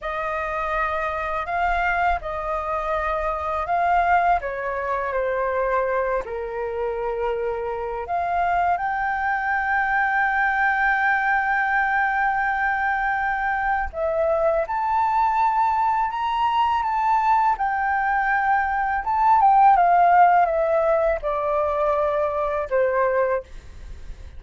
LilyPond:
\new Staff \with { instrumentName = "flute" } { \time 4/4 \tempo 4 = 82 dis''2 f''4 dis''4~ | dis''4 f''4 cis''4 c''4~ | c''8 ais'2~ ais'8 f''4 | g''1~ |
g''2. e''4 | a''2 ais''4 a''4 | g''2 a''8 g''8 f''4 | e''4 d''2 c''4 | }